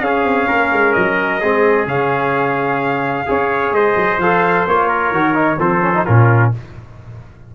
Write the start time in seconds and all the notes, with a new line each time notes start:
0.00 C#4 G#4 F5
0.23 C4
0.47 A#3 A#4
0.71 G#3
0.92 F#3 D#5
1.40 G#3 C4 G#4
1.86 C#3 C#4 F5
3.25 C#4 G#4 C#5
3.72 G#3 C5 D#5
3.96 F#3
4.18 F3 A4 F5
4.67 A#3 F4 C#5
4.88 A#4
5.11 D#3 F#4
5.34 D#4
5.58 F3 C4 A4 C5
5.81 C#4
5.94 D#4
6.05 A#2 C#4 F4 A#4